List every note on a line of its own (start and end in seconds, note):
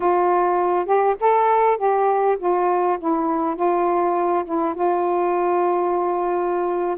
0.00 0.85 F4
0.85 1.15 G4
1.20 1.77 A4
1.77 2.37 G4
2.38 2.98 F4
2.99 3.55 E4
3.55 4.44 F4
4.44 4.74 E4
4.74 6.97 F4